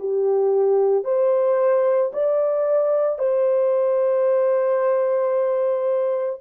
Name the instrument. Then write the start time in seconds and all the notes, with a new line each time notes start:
horn
0.00 G4
1.05 C5
2.13 D5
3.19 C5